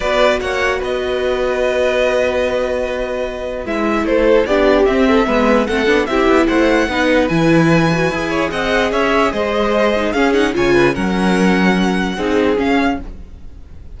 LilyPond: <<
  \new Staff \with { instrumentName = "violin" } { \time 4/4 \tempo 4 = 148 d''4 fis''4 dis''2~ | dis''1~ | dis''4 e''4 c''4 d''4 | e''2 fis''4 e''4 |
fis''2 gis''2~ | gis''4 fis''4 e''4 dis''4~ | dis''4 f''8 fis''8 gis''4 fis''4~ | fis''2. f''4 | }
  \new Staff \with { instrumentName = "violin" } { \time 4/4 b'4 cis''4 b'2~ | b'1~ | b'2 a'4 g'4~ | g'8 a'8 b'4 a'4 g'4 |
c''4 b'2.~ | b'8 cis''8 dis''4 cis''4 c''4~ | c''4 gis'4 cis''8 b'8 ais'4~ | ais'2 gis'2 | }
  \new Staff \with { instrumentName = "viola" } { \time 4/4 fis'1~ | fis'1~ | fis'4 e'2 d'4 | c'4 b4 c'8 d'8 e'4~ |
e'4 dis'4 e'4. fis'8 | gis'1~ | gis'8 dis'8 cis'8 dis'8 f'4 cis'4~ | cis'2 dis'4 cis'4 | }
  \new Staff \with { instrumentName = "cello" } { \time 4/4 b4 ais4 b2~ | b1~ | b4 gis4 a4 b4 | c'4 gis4 a8 b8 c'8 b8 |
a4 b4 e2 | e'4 c'4 cis'4 gis4~ | gis4 cis'4 cis4 fis4~ | fis2 c'4 cis'4 | }
>>